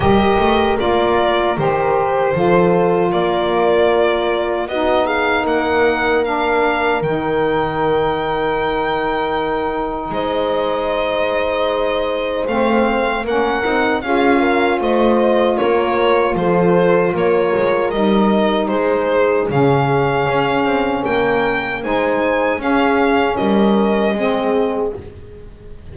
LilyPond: <<
  \new Staff \with { instrumentName = "violin" } { \time 4/4 \tempo 4 = 77 dis''4 d''4 c''2 | d''2 dis''8 f''8 fis''4 | f''4 g''2.~ | g''4 dis''2. |
f''4 fis''4 f''4 dis''4 | cis''4 c''4 cis''4 dis''4 | c''4 f''2 g''4 | gis''4 f''4 dis''2 | }
  \new Staff \with { instrumentName = "horn" } { \time 4/4 ais'2. a'4 | ais'2 fis'8 gis'8 ais'4~ | ais'1~ | ais'4 c''2.~ |
c''4 ais'4 gis'8 ais'8 c''4 | ais'4 a'4 ais'2 | gis'2. ais'4 | c''4 gis'4 ais'4 gis'4 | }
  \new Staff \with { instrumentName = "saxophone" } { \time 4/4 g'4 f'4 g'4 f'4~ | f'2 dis'2 | d'4 dis'2.~ | dis'1 |
c'4 cis'8 dis'8 f'2~ | f'2. dis'4~ | dis'4 cis'2. | dis'4 cis'2 c'4 | }
  \new Staff \with { instrumentName = "double bass" } { \time 4/4 g8 a8 ais4 dis4 f4 | ais2 b4 ais4~ | ais4 dis2.~ | dis4 gis2. |
a4 ais8 c'8 cis'4 a4 | ais4 f4 ais8 gis8 g4 | gis4 cis4 cis'8 c'8 ais4 | gis4 cis'4 g4 gis4 | }
>>